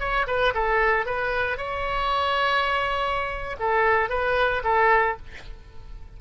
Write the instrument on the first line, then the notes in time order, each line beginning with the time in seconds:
oboe
0.00 C#5
0.27 B4
0.54 A4
1.06 B4
1.58 C#5
3.60 A4
4.10 B4
4.64 A4